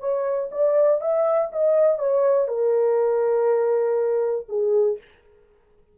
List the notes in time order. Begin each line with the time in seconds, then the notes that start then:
0.00 C#5
0.52 D5
1.01 E5
1.53 D#5
1.99 C#5
2.48 A#4
4.49 G#4